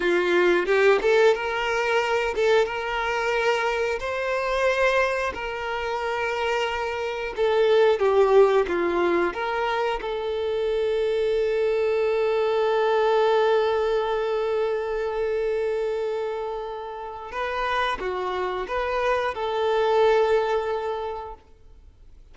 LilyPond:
\new Staff \with { instrumentName = "violin" } { \time 4/4 \tempo 4 = 90 f'4 g'8 a'8 ais'4. a'8 | ais'2 c''2 | ais'2. a'4 | g'4 f'4 ais'4 a'4~ |
a'1~ | a'1~ | a'2 b'4 fis'4 | b'4 a'2. | }